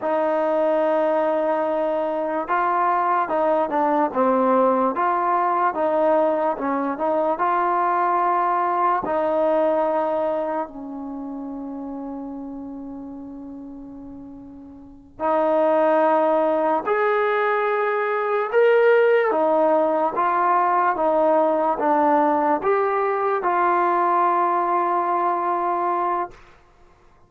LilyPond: \new Staff \with { instrumentName = "trombone" } { \time 4/4 \tempo 4 = 73 dis'2. f'4 | dis'8 d'8 c'4 f'4 dis'4 | cis'8 dis'8 f'2 dis'4~ | dis'4 cis'2.~ |
cis'2~ cis'8 dis'4.~ | dis'8 gis'2 ais'4 dis'8~ | dis'8 f'4 dis'4 d'4 g'8~ | g'8 f'2.~ f'8 | }